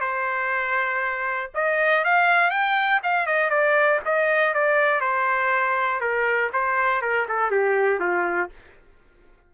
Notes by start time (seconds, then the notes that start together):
0.00 C5
1.54 D#5
2.04 F5
2.50 G5
3.03 F5
3.26 D#5
3.50 D5
4.05 D#5
4.54 D5
5.00 C5
6.00 A#4
6.52 C5
7.01 A#4
7.28 A4
7.50 G4
7.99 F4